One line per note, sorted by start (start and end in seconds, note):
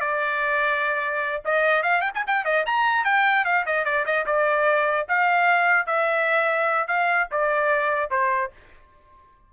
0.00 1.42 D5
1.44 1.82 D#5
1.82 2.01 F5
2.01 2.11 G5
2.14 2.24 G#5
2.26 2.44 G5
2.44 2.65 D#5
2.66 3.04 A#5
3.04 3.45 G5
3.45 3.65 F5
3.66 3.85 D#5
3.85 4.05 D5
4.05 4.25 D#5
4.25 5.07 D5
5.08 5.86 F5
5.86 6.87 E5
6.87 7.28 F5
7.31 8.10 D5
8.10 8.51 C5